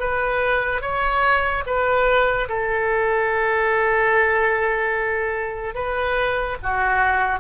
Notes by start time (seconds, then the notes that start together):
0.00 B4
0.82 C#5
1.66 B4
2.49 A4
5.75 B4
6.62 F#4